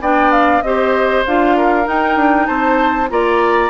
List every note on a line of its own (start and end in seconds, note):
0.00 0.62 B3
0.00 0.63 D4
0.00 0.63 D5
0.00 0.32 G5
0.32 0.62 F5
0.62 1.24 C4
0.62 1.26 G4
0.62 1.56 C5
0.62 1.24 D#5
1.26 1.87 D4
1.26 1.84 F4
1.26 1.88 F5
1.56 2.47 A#4
1.84 3.08 D#4
1.84 2.16 D#4
1.84 2.46 G5
2.16 2.47 D4
2.46 3.10 C4
2.46 3.09 C5
2.46 3.08 A5
3.09 3.69 A#3
3.09 3.69 F4
3.09 3.69 D5
3.09 3.69 A#5